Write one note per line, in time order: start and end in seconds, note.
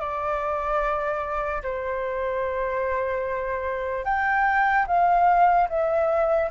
0.00 1.62 D5
1.63 4.05 C5
4.05 4.86 G5
4.87 5.68 F5
5.69 6.50 E5